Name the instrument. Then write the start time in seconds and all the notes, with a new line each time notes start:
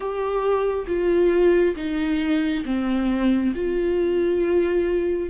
viola
0.00 G4
0.87 F4
1.76 D#4
2.65 C4
3.55 F4